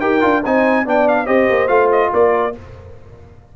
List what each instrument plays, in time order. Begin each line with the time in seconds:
0.00 tuba D#4, trombone G4, horn A#4, trumpet G5
0.21 tuba D4, trombone F4
0.45 tuba C4, trombone D#4, horn C5, trumpet G#5
0.84 tuba B3, trombone D4, horn D5, trumpet G5
1.08 trumpet F5
1.25 tuba C4, trombone G4, horn C5, trumpet D#5
1.50 tuba A#3
1.67 tuba A3, trombone F4, trumpet F5
1.91 trumpet D#5
2.13 tuba A#3, horn A#4, trumpet D5